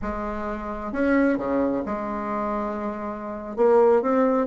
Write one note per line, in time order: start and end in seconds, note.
0.01 0.92 G#3
0.92 1.37 C#4
1.37 1.83 C#3
1.85 3.56 G#3
3.56 4.02 A#3
4.02 4.47 C4